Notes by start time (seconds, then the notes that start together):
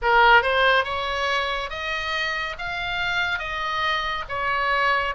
0.02 A#4
0.42 C5
0.84 C#5
1.69 D#5
2.58 F5
3.39 D#5
4.29 C#5